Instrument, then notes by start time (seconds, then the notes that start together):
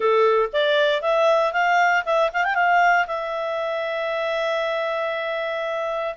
clarinet
0.00 A4
0.52 D5
1.01 E5
1.52 F5
2.05 E5
2.33 F5
2.44 G5
2.54 F5
3.07 E5